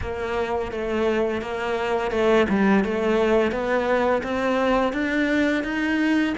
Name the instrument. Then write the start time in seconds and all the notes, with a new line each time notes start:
cello
0.01 A#3
0.71 A3
1.41 A#3
2.11 A3
2.49 G3
2.84 A3
3.51 B3
4.23 C4
4.93 D4
5.63 D#4